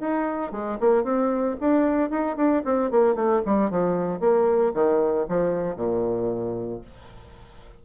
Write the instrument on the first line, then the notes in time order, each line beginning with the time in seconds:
bassoon
0.00 D#4
0.51 G#3
0.80 A#3
1.03 C4
1.60 D4
2.10 D#4
2.36 D4
2.65 C4
2.91 A#3
3.15 A3
3.45 G3
3.70 F3
4.20 A#3
4.74 D#3
5.28 F3
5.76 A#2